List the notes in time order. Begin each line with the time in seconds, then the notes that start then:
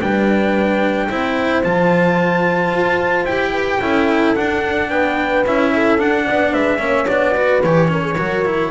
0.00 G3 D4 B4 G5
1.09 C4 E4 C5
1.64 F3 F4 A5
2.72 F4
3.24 E4 G4 G5
3.52 B4
3.81 C#4 E4 A4
4.36 D4 F#5
4.90 B3 B4 G5
5.46 C#4 E4 E5
5.74 A4
5.99 D4 F#5
6.26 B3 D5
6.53 G#3 B4 E5
6.79 A#3 C#4 C#5
7.07 B3 D4 D5
7.35 F#4 B4
7.63 E3 G4 C#5
7.88 C#4 A#4
8.03 G#4
8.17 F#3 F#4 A#4
8.46 E4